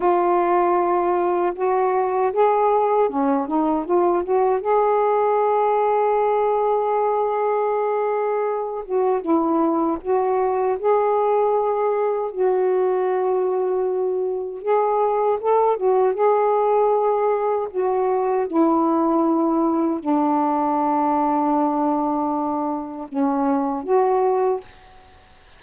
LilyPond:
\new Staff \with { instrumentName = "saxophone" } { \time 4/4 \tempo 4 = 78 f'2 fis'4 gis'4 | cis'8 dis'8 f'8 fis'8 gis'2~ | gis'2.~ gis'8 fis'8 | e'4 fis'4 gis'2 |
fis'2. gis'4 | a'8 fis'8 gis'2 fis'4 | e'2 d'2~ | d'2 cis'4 fis'4 | }